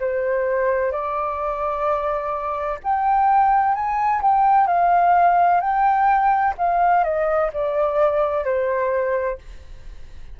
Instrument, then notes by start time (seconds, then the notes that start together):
flute
0.00 C5
0.92 D5
2.83 G5
3.75 G#5
4.22 G5
4.67 F5
5.60 G5
6.58 F5
7.04 D#5
7.53 D5
8.45 C5